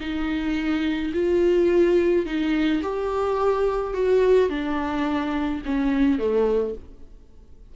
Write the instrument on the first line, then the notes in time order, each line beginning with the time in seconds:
viola
0.00 D#4
1.13 F4
2.26 D#4
2.82 G4
3.94 F#4
4.49 D4
5.65 C#4
6.19 A3